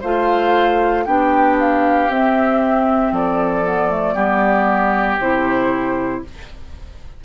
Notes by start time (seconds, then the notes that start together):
0.00 A3 F4 C5 F5
1.04 B3 D4 G4 G5
1.59 F5
2.08 C4 E5
3.11 F3 A4 D5
3.64 B3
3.90 A3
4.14 G3 B3 G4
5.19 C3 E4 C5